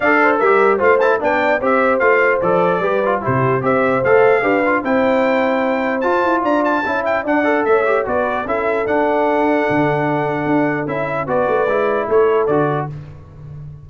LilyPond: <<
  \new Staff \with { instrumentName = "trumpet" } { \time 4/4 \tempo 4 = 149 f''4 e''4 f''8 a''8 g''4 | e''4 f''4 d''2 | c''4 e''4 f''2 | g''2. a''4 |
ais''8 a''4 g''8 fis''4 e''4 | d''4 e''4 fis''2~ | fis''2. e''4 | d''2 cis''4 d''4 | }
  \new Staff \with { instrumentName = "horn" } { \time 4/4 d''8 c''8 ais'4 c''4 d''4 | c''2. b'4 | g'4 c''2 b'4 | c''1 |
d''4 e''4 d''4 cis''4 | b'4 a'2.~ | a'1 | b'2 a'2 | }
  \new Staff \with { instrumentName = "trombone" } { \time 4/4 a'4 g'4 f'8 e'8 d'4 | g'4 f'4 a'4 g'8 f'8 | e'4 g'4 a'4 g'8 f'8 | e'2. f'4~ |
f'4 e'4 d'8 a'4 g'8 | fis'4 e'4 d'2~ | d'2. e'4 | fis'4 e'2 fis'4 | }
  \new Staff \with { instrumentName = "tuba" } { \time 4/4 d'4 g4 a4 b4 | c'4 a4 f4 g4 | c4 c'4 a4 d'4 | c'2. f'8 e'8 |
d'4 cis'4 d'4 a4 | b4 cis'4 d'2 | d2 d'4 cis'4 | b8 a8 gis4 a4 d4 | }
>>